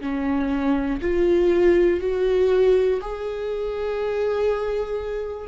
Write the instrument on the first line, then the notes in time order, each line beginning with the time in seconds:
viola
0.00 C#4
1.01 F4
2.00 F#4
3.00 G#4